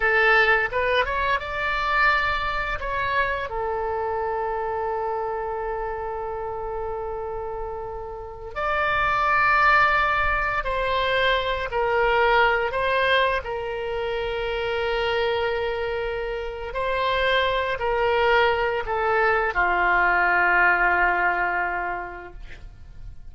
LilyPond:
\new Staff \with { instrumentName = "oboe" } { \time 4/4 \tempo 4 = 86 a'4 b'8 cis''8 d''2 | cis''4 a'2.~ | a'1~ | a'16 d''2. c''8.~ |
c''8. ais'4. c''4 ais'8.~ | ais'1 | c''4. ais'4. a'4 | f'1 | }